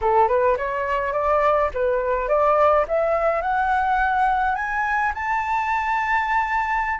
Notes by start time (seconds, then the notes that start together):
0.01 A4
0.28 B4
0.57 C#5
1.12 D5
1.74 B4
2.28 D5
2.88 E5
3.41 F#5
4.55 G#5
5.14 A5